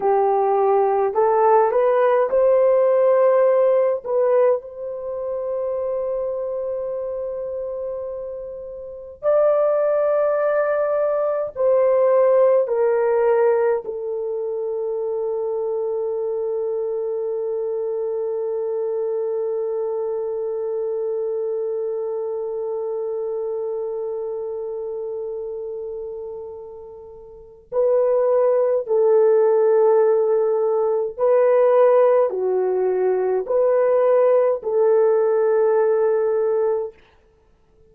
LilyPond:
\new Staff \with { instrumentName = "horn" } { \time 4/4 \tempo 4 = 52 g'4 a'8 b'8 c''4. b'8 | c''1 | d''2 c''4 ais'4 | a'1~ |
a'1~ | a'1 | b'4 a'2 b'4 | fis'4 b'4 a'2 | }